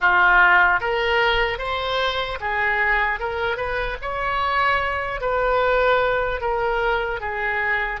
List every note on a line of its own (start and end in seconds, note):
0.00 0.80 F4
0.80 1.58 A#4
1.58 2.38 C5
2.40 3.19 G#4
3.19 3.56 A#4
3.56 3.96 B4
4.01 5.20 C#5
5.20 6.40 B4
6.40 7.20 A#4
7.20 8.00 G#4